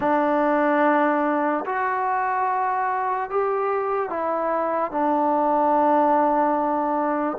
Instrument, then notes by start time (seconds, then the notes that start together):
trombone
0.00 D4
1.65 F#4
3.30 G4
4.09 E4
4.91 D4